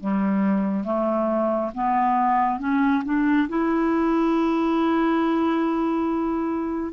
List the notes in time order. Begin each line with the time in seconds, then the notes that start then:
0.00 G3
0.84 A3
1.74 B3
2.59 C#4
3.05 D4
3.49 E4